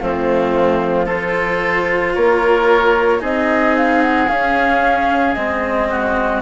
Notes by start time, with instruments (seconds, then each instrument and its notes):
0.00 bassoon F3, cello A3, oboe C4, flute F4
1.06 cello F4, oboe A4, flute C5
2.15 bassoon A#3, oboe A#4, flute C#5
3.19 bassoon C4, cello D#4, oboe G#4, flute D#5
3.77 flute F5
4.02 flute F#5
4.28 cello C#4, bassoon C#4, flute F5
5.34 bassoon G#3, cello C4, flute D#5
5.90 oboe F#4